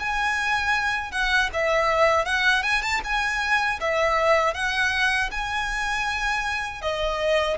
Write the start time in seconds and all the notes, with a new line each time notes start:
0.00 G#5
1.12 F#5
1.54 E5
2.25 F#5
2.63 G#5
2.82 A5
3.04 G#5
3.80 E5
4.54 F#5
5.31 G#5
6.82 D#5